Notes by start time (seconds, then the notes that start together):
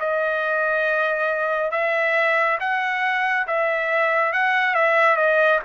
0.00 D#5
1.72 E5
2.60 F#5
3.47 E5
4.33 F#5
4.75 E5
5.17 D#5